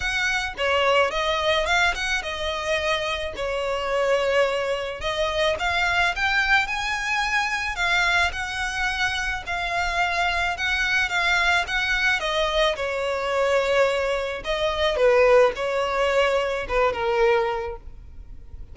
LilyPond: \new Staff \with { instrumentName = "violin" } { \time 4/4 \tempo 4 = 108 fis''4 cis''4 dis''4 f''8 fis''8 | dis''2 cis''2~ | cis''4 dis''4 f''4 g''4 | gis''2 f''4 fis''4~ |
fis''4 f''2 fis''4 | f''4 fis''4 dis''4 cis''4~ | cis''2 dis''4 b'4 | cis''2 b'8 ais'4. | }